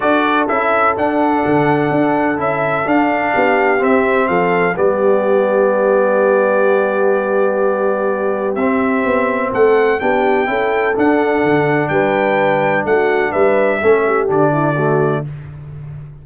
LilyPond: <<
  \new Staff \with { instrumentName = "trumpet" } { \time 4/4 \tempo 4 = 126 d''4 e''4 fis''2~ | fis''4 e''4 f''2 | e''4 f''4 d''2~ | d''1~ |
d''2 e''2 | fis''4 g''2 fis''4~ | fis''4 g''2 fis''4 | e''2 d''2 | }
  \new Staff \with { instrumentName = "horn" } { \time 4/4 a'1~ | a'2. g'4~ | g'4 a'4 g'2~ | g'1~ |
g'1 | a'4 g'4 a'2~ | a'4 b'2 fis'4 | b'4 a'8 g'4 e'8 fis'4 | }
  \new Staff \with { instrumentName = "trombone" } { \time 4/4 fis'4 e'4 d'2~ | d'4 e'4 d'2 | c'2 b2~ | b1~ |
b2 c'2~ | c'4 d'4 e'4 d'4~ | d'1~ | d'4 cis'4 d'4 a4 | }
  \new Staff \with { instrumentName = "tuba" } { \time 4/4 d'4 cis'4 d'4 d4 | d'4 cis'4 d'4 b4 | c'4 f4 g2~ | g1~ |
g2 c'4 b4 | a4 b4 cis'4 d'4 | d4 g2 a4 | g4 a4 d2 | }
>>